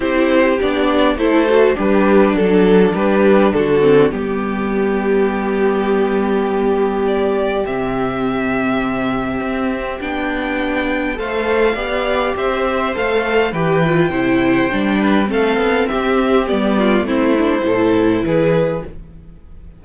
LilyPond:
<<
  \new Staff \with { instrumentName = "violin" } { \time 4/4 \tempo 4 = 102 c''4 d''4 c''4 b'4 | a'4 b'4 a'4 g'4~ | g'1 | d''4 e''2.~ |
e''4 g''2 f''4~ | f''4 e''4 f''4 g''4~ | g''2 f''4 e''4 | d''4 c''2 b'4 | }
  \new Staff \with { instrumentName = "violin" } { \time 4/4 g'2 a'4 d'4~ | d'4 g'4 fis'4 g'4~ | g'1~ | g'1~ |
g'2. c''4 | d''4 c''2 b'4 | c''4. b'8 a'4 g'4~ | g'8 f'8 e'4 a'4 gis'4 | }
  \new Staff \with { instrumentName = "viola" } { \time 4/4 e'4 d'4 e'8 fis'8 g'4 | d'2~ d'8 c'8 b4~ | b1~ | b4 c'2.~ |
c'4 d'2 a'4 | g'2 a'4 g'8 f'8 | e'4 d'4 c'2 | b4 c'8 d'8 e'2 | }
  \new Staff \with { instrumentName = "cello" } { \time 4/4 c'4 b4 a4 g4 | fis4 g4 d4 g4~ | g1~ | g4 c2. |
c'4 b2 a4 | b4 c'4 a4 e4 | c4 g4 a8 b8 c'4 | g4 a4 a,4 e4 | }
>>